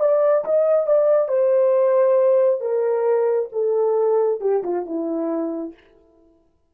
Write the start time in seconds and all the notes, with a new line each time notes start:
0.00 D5
0.45 D#5
0.86 D5
1.28 C5
2.61 A#4
3.52 A4
4.40 G4
4.63 F4
4.85 E4